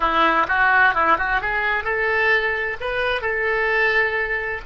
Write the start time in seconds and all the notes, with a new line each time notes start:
0.00 E4
0.48 F#4
0.94 E4
1.18 F#4
1.41 G#4
1.84 A4
2.80 B4
3.21 A4